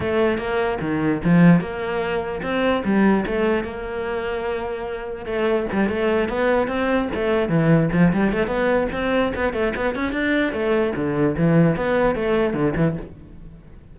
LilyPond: \new Staff \with { instrumentName = "cello" } { \time 4/4 \tempo 4 = 148 a4 ais4 dis4 f4 | ais2 c'4 g4 | a4 ais2.~ | ais4 a4 g8 a4 b8~ |
b8 c'4 a4 e4 f8 | g8 a8 b4 c'4 b8 a8 | b8 cis'8 d'4 a4 d4 | e4 b4 a4 d8 e8 | }